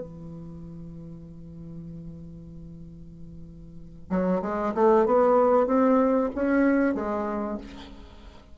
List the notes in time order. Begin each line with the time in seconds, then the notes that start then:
0.00 E3
4.10 F#3
4.42 G#3
4.75 A3
5.06 B3
5.67 C4
6.35 C#4
6.94 G#3